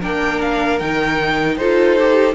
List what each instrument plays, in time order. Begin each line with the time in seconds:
0.00 cello A#3, viola D4, violin A#4 G5
0.42 violin F5
0.79 cello D#3, viola D#4, violin G5
1.57 cello D#4, viola F4, violin A4 C5
1.99 viola G4